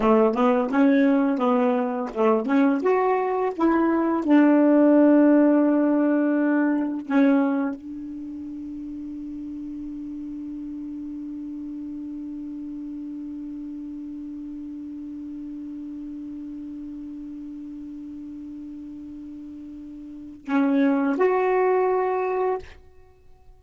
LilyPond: \new Staff \with { instrumentName = "saxophone" } { \time 4/4 \tempo 4 = 85 a8 b8 cis'4 b4 a8 cis'8 | fis'4 e'4 d'2~ | d'2 cis'4 d'4~ | d'1~ |
d'1~ | d'1~ | d'1~ | d'4 cis'4 fis'2 | }